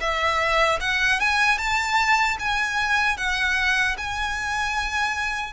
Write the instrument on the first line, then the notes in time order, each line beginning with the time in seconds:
violin
0.00 E5
0.80 F#5
1.20 G#5
1.58 A5
2.39 G#5
3.17 F#5
3.97 G#5